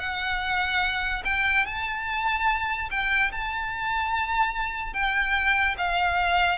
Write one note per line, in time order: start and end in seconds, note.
0.00 1.23 F#5
1.25 1.66 G5
1.66 2.90 A5
2.91 3.32 G5
3.32 4.94 A5
4.94 5.76 G5
5.78 6.59 F5